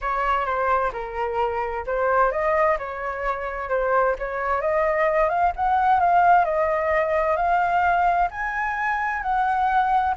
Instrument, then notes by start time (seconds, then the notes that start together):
flute
0.01 C#5
0.45 C5
0.92 A#4
1.86 C5
2.31 D#5
2.78 C#5
3.69 C5
4.18 C#5
4.61 D#5
5.29 F5
5.56 F#5
6.00 F5
6.44 D#5
7.36 F5
8.31 G#5
9.22 F#5